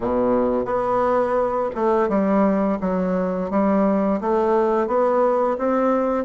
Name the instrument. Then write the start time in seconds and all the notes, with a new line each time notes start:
bassoon
0.00 B2
0.65 B3
1.75 A3
2.08 G3
2.81 F#3
3.50 G3
4.20 A3
4.87 B3
5.58 C4